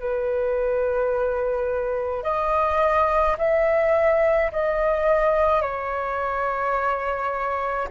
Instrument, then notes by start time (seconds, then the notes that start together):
flute
0.00 B4
2.23 D#5
3.38 E5
4.52 D#5
5.62 C#5